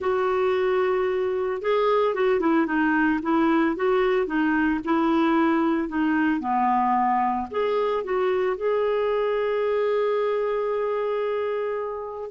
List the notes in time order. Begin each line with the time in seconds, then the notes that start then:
0.00 F#4
1.61 G#4
2.14 F#4
2.40 E4
2.66 D#4
3.22 E4
3.76 F#4
4.26 D#4
4.84 E4
5.88 D#4
6.40 B3
7.50 G#4
8.04 F#4
8.56 G#4